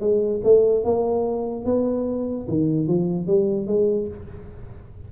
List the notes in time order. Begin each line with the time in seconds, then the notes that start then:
0.00 G#3
0.43 A3
0.84 A#3
1.65 B3
2.48 D#3
2.87 F3
3.27 G3
3.67 G#3